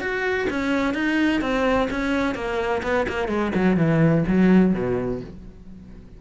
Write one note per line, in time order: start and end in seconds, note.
0.00 0.47 F#4
0.50 0.94 C#4
0.94 1.41 D#4
1.41 1.88 C4
1.90 2.34 C#4
2.34 2.82 A#3
2.82 3.06 B3
3.08 3.27 A#3
3.27 3.51 G#3
3.55 3.77 F#3
3.77 4.24 E3
4.27 4.73 F#3
4.73 5.21 B2